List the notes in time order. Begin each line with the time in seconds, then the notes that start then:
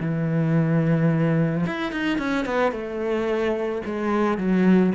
0.00 E3
1.66 E4
1.91 D#4
2.18 C#4
2.45 B3
2.71 A3
3.85 G#3
4.38 F#3